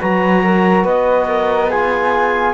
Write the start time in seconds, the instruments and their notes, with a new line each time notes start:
0.00 cello F#3, trombone F#4, flute B4, clarinet A#5
0.44 flute A#4
0.84 cello B3, flute B4, clarinet D#5
1.28 flute A#4
1.70 trombone F4, flute G#4, clarinet G#5